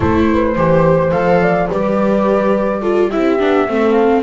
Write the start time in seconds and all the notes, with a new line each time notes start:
0.00 A3 E4 A4 C5
0.32 B4
0.56 E3 G4 C5
1.11 F3 A4 F5
1.41 D5
1.69 G3 G4 B4 D5
2.81 F4 A4
3.10 C4 E4 G4 E5
3.38 B3 D4
3.67 A3 C4 A4
3.92 F5